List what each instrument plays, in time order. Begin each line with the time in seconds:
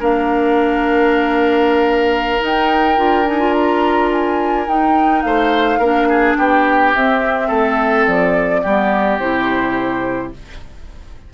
0.00 bassoon A#3, clarinet D4, oboe A#4, flute F5
2.40 clarinet D#4, bassoon D#4, flute G5
2.97 bassoon D4, clarinet F4
3.26 clarinet D#4, flute G#5
3.39 clarinet F4
3.53 flute A#5
4.12 flute G#5
4.67 bassoon D#4, clarinet D#4, flute G5
5.22 bassoon A3, oboe C5, flute F5
5.79 bassoon A#3, clarinet D4, oboe A#4
6.09 oboe G#4
6.36 bassoon B3, oboe G4, flute G5
6.95 bassoon C4, clarinet C4, flute E5
7.48 bassoon A3, oboe A4
8.07 bassoon F3, flute D5
8.63 bassoon G3, clarinet B3, oboe G4
9.19 bassoon C3, clarinet E4, flute C5